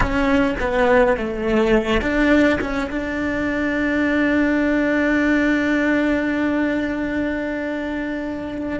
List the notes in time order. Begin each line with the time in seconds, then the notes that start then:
0.00 C#4
0.60 B3
1.17 A3
2.01 D4
2.61 C#4
2.90 D4